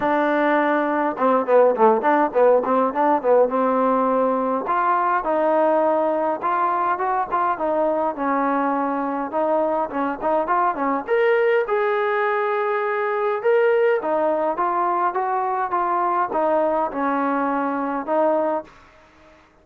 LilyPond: \new Staff \with { instrumentName = "trombone" } { \time 4/4 \tempo 4 = 103 d'2 c'8 b8 a8 d'8 | b8 c'8 d'8 b8 c'2 | f'4 dis'2 f'4 | fis'8 f'8 dis'4 cis'2 |
dis'4 cis'8 dis'8 f'8 cis'8 ais'4 | gis'2. ais'4 | dis'4 f'4 fis'4 f'4 | dis'4 cis'2 dis'4 | }